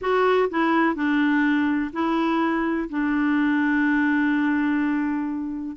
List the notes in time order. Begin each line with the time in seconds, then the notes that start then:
0.01 F#4
0.50 E4
0.95 D4
1.92 E4
2.89 D4